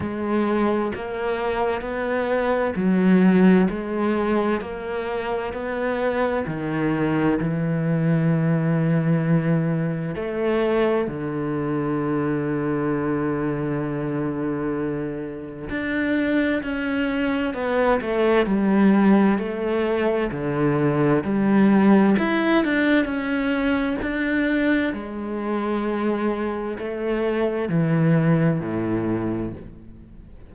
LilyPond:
\new Staff \with { instrumentName = "cello" } { \time 4/4 \tempo 4 = 65 gis4 ais4 b4 fis4 | gis4 ais4 b4 dis4 | e2. a4 | d1~ |
d4 d'4 cis'4 b8 a8 | g4 a4 d4 g4 | e'8 d'8 cis'4 d'4 gis4~ | gis4 a4 e4 a,4 | }